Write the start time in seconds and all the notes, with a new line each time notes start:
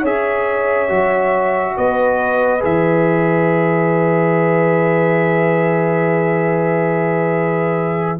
0.00 C#4 G#4 C#5 E5
0.88 F#3 F#4
1.76 B3 B4 D#5
2.60 E3 G#4 E5